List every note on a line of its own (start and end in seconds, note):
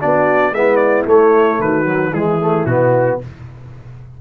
0.00 0.51 B3
0.00 0.53 D4
0.00 0.53 F#4
0.00 0.54 D5
0.51 1.05 G#3
0.51 1.06 B3
0.51 1.62 E4
0.51 0.76 E5
0.76 1.02 D5
1.06 1.59 A3
1.06 1.85 A3
1.06 1.61 C#5
1.60 2.12 D#3
1.60 2.12 F#4
1.60 2.13 B4
1.85 2.11 F#3
2.12 2.65 E3
2.12 2.40 G#3
2.12 3.18 E4
2.12 2.65 G#4
2.40 2.67 A3
2.65 3.18 B2
2.65 3.21 B3
2.65 3.18 F#4